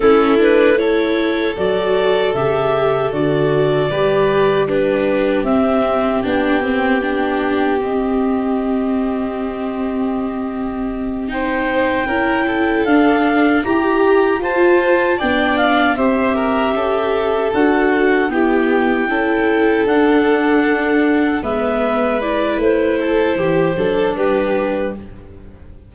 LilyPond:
<<
  \new Staff \with { instrumentName = "clarinet" } { \time 4/4 \tempo 4 = 77 a'8 b'8 cis''4 d''4 e''4 | d''2 b'4 e''4 | g''2 dis''2~ | dis''2~ dis''8 g''4.~ |
g''8 f''4 ais''4 a''4 g''8 | f''8 e''2 fis''4 g''8~ | g''4. fis''2 e''8~ | e''8 d''8 c''2 b'4 | }
  \new Staff \with { instrumentName = "violin" } { \time 4/4 e'4 a'2.~ | a'4 b'4 g'2~ | g'1~ | g'2~ g'8 c''4 ais'8 |
a'4. g'4 c''4 d''8~ | d''8 c''8 ais'8 a'2 g'8~ | g'8 a'2. b'8~ | b'4. a'8 g'8 a'8 g'4 | }
  \new Staff \with { instrumentName = "viola" } { \time 4/4 cis'8 d'8 e'4 fis'4 g'4 | fis'4 g'4 d'4 c'4 | d'8 c'8 d'4 c'2~ | c'2~ c'8 dis'4 e'8~ |
e'8 d'4 g'4 f'4 d'8~ | d'8 g'2 fis'4 b8~ | b8 e'4 d'2 b8~ | b8 e'2 d'4. | }
  \new Staff \with { instrumentName = "tuba" } { \time 4/4 a2 fis4 cis4 | d4 g2 c'4 | b2 c'2~ | c'2.~ c'8 cis'8~ |
cis'8 d'4 e'4 f'4 b8~ | b8 c'4 cis'4 d'4 e'8~ | e'8 cis'4 d'2 gis8~ | gis4 a4 e8 fis8 g4 | }
>>